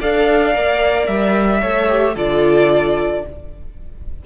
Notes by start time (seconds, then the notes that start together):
0.00 D4 A4 D5 F5
0.53 A#3 A#4
1.07 G3 E5
1.61 A3 A4 C#5
1.88 G4
2.15 D3 F4 A4 D5